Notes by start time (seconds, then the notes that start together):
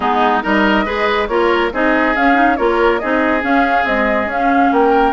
0.00 G#3 B3 D#4 G#4
0.42 G3 D#4 A#4 D#5
0.85 G#3 G#4 B4
1.27 A#3 F4 A#4 C#5
1.72 C4 D#4 G#4 D#5
2.16 C#4 F5
2.34 D#4
2.56 A#3 F4 A#4 C#5
2.99 C4 D#4 G#4 D#5
3.40 C#4 F5
3.84 G#3 C4 D#5
4.25 C#4 F5
4.72 A#3 A#4 G5